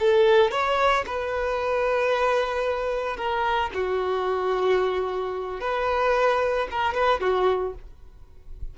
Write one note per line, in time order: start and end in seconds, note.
0.00 0.52 A4
0.52 1.05 C#5
1.07 3.17 B4
3.17 3.71 A#4
3.75 5.61 F#4
5.61 6.68 B4
6.71 6.94 A#4
6.94 7.21 B4
7.21 7.75 F#4